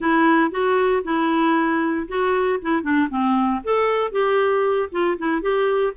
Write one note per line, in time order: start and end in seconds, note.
0.00 0.51 E4
0.51 1.03 F#4
1.03 2.07 E4
2.08 2.59 F#4
2.61 2.82 E4
2.82 3.08 D4
3.09 3.61 C4
3.63 4.11 A4
4.11 4.89 G4
4.91 5.17 F4
5.17 5.41 E4
5.41 5.93 G4